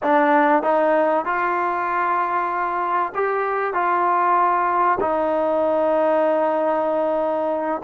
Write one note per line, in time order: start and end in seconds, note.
0.02 0.62 D4
0.62 1.25 D#4
1.25 3.12 F4
3.14 3.73 G4
3.73 4.98 F4
5.00 7.81 D#4